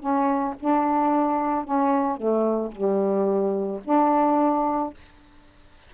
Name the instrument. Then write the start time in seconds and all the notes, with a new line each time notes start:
saxophone
0.00 C#4
0.60 D4
1.65 C#4
2.17 A3
2.72 G3
3.85 D4